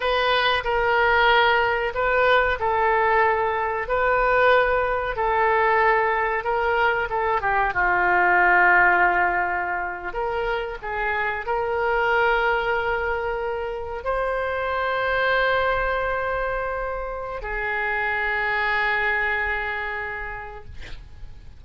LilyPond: \new Staff \with { instrumentName = "oboe" } { \time 4/4 \tempo 4 = 93 b'4 ais'2 b'4 | a'2 b'2 | a'2 ais'4 a'8 g'8 | f'2.~ f'8. ais'16~ |
ais'8. gis'4 ais'2~ ais'16~ | ais'4.~ ais'16 c''2~ c''16~ | c''2. gis'4~ | gis'1 | }